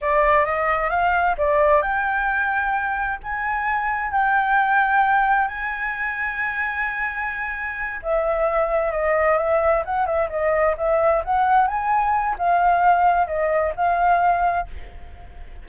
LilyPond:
\new Staff \with { instrumentName = "flute" } { \time 4/4 \tempo 4 = 131 d''4 dis''4 f''4 d''4 | g''2. gis''4~ | gis''4 g''2. | gis''1~ |
gis''4. e''2 dis''8~ | dis''8 e''4 fis''8 e''8 dis''4 e''8~ | e''8 fis''4 gis''4. f''4~ | f''4 dis''4 f''2 | }